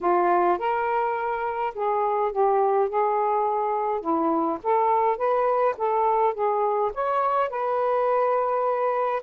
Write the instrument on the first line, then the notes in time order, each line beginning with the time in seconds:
saxophone
0.00 F4
0.58 A#4
1.74 G#4
2.32 G4
2.89 G#4
4.00 E4
4.63 A4
5.17 B4
5.77 A4
6.34 G#4
6.94 C#5
7.49 B4